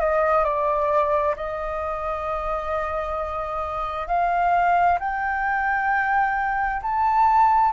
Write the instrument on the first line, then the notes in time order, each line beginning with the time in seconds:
flute
0.00 D#5
0.45 D5
1.36 D#5
4.08 F5
5.00 G5
6.82 A5